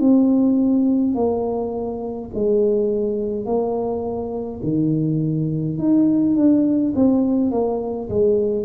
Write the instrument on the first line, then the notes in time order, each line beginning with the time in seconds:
tuba
0.00 C4
1.15 A#3
2.34 G#3
3.46 A#3
4.63 D#3
5.78 D#4
6.36 D4
6.95 C4
7.51 A#3
8.09 G#3